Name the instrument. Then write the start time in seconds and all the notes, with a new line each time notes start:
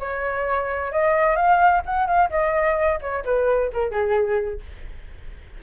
flute
0.00 C#5
0.92 D#5
1.36 F5
1.86 F#5
2.07 F5
2.30 D#5
3.01 C#5
3.25 B4
3.73 A#4
3.91 G#4